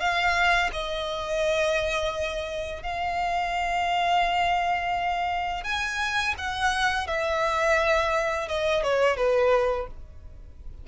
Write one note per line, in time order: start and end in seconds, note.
0.00 0.71 F5
0.73 2.83 D#5
2.83 5.64 F5
5.64 6.35 G#5
6.38 7.07 F#5
7.07 8.48 E5
8.48 8.83 D#5
8.83 9.17 C#5
9.17 9.87 B4